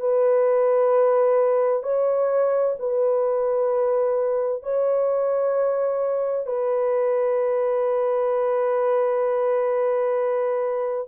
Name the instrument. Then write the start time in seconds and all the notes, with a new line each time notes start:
horn
0.00 B4
1.83 C#5
2.79 B4
4.62 C#5
6.46 B4